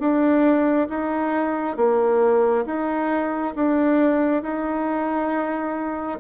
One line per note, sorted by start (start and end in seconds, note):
0.00 0.88 D4
0.90 1.77 D#4
1.77 2.66 A#3
2.66 3.55 D#4
3.56 4.43 D4
4.43 6.19 D#4